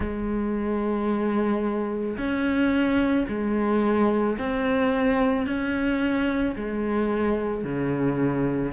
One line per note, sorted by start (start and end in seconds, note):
0.00 2.17 G#3
2.17 3.26 C#4
3.28 4.37 G#3
4.38 5.46 C4
5.46 6.55 C#4
6.56 7.64 G#3
7.64 8.72 C#3